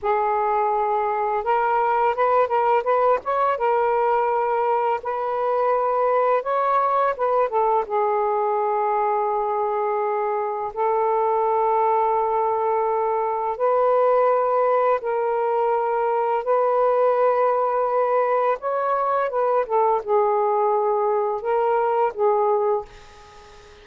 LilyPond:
\new Staff \with { instrumentName = "saxophone" } { \time 4/4 \tempo 4 = 84 gis'2 ais'4 b'8 ais'8 | b'8 cis''8 ais'2 b'4~ | b'4 cis''4 b'8 a'8 gis'4~ | gis'2. a'4~ |
a'2. b'4~ | b'4 ais'2 b'4~ | b'2 cis''4 b'8 a'8 | gis'2 ais'4 gis'4 | }